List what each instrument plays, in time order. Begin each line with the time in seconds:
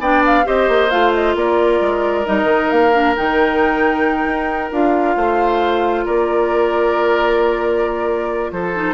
0.00 bassoon B3, clarinet D4, oboe D5, flute G5
0.26 flute F5
0.44 bassoon C4, clarinet G4, oboe C5, flute D#5
0.68 bassoon A#3
0.90 bassoon A3, clarinet F4, flute F5
1.13 flute D#5
1.35 bassoon A#3, oboe A#4, flute D5
1.81 bassoon G#3
2.25 bassoon G3, clarinet D#4, flute D#5
2.43 bassoon D#3
2.70 bassoon A#3, flute F5
2.93 clarinet D4
3.16 bassoon D#3, clarinet D#4, flute G5
4.25 bassoon D#4
4.71 bassoon D4, clarinet F4, flute F5
5.16 bassoon A3, oboe C5
6.05 bassoon A#3, oboe A#4, flute D5
8.51 bassoon F3, oboe A4, flute C5
8.75 clarinet D#4